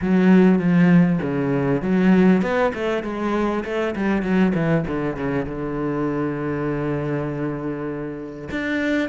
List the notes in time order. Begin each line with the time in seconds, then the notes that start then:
0.01 F#3
0.58 F3
1.21 C#3
1.82 F#3
2.42 B3
2.74 A3
3.03 G#3
3.64 A3
3.95 G3
4.22 F#3
4.54 E3
4.87 D3
5.16 C#3
5.45 D3
8.51 D4